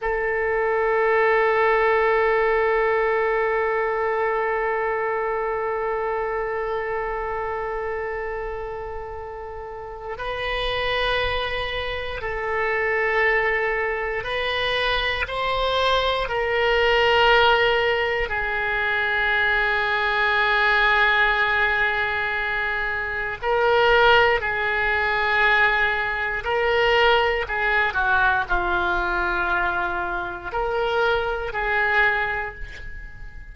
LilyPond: \new Staff \with { instrumentName = "oboe" } { \time 4/4 \tempo 4 = 59 a'1~ | a'1~ | a'2 b'2 | a'2 b'4 c''4 |
ais'2 gis'2~ | gis'2. ais'4 | gis'2 ais'4 gis'8 fis'8 | f'2 ais'4 gis'4 | }